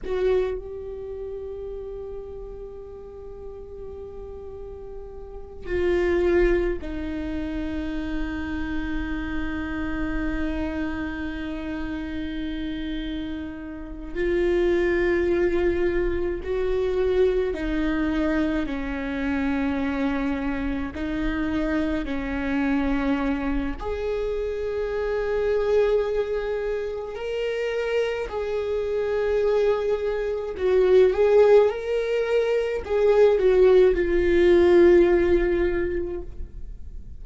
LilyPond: \new Staff \with { instrumentName = "viola" } { \time 4/4 \tempo 4 = 53 fis'8 g'2.~ g'8~ | g'4 f'4 dis'2~ | dis'1~ | dis'8 f'2 fis'4 dis'8~ |
dis'8 cis'2 dis'4 cis'8~ | cis'4 gis'2. | ais'4 gis'2 fis'8 gis'8 | ais'4 gis'8 fis'8 f'2 | }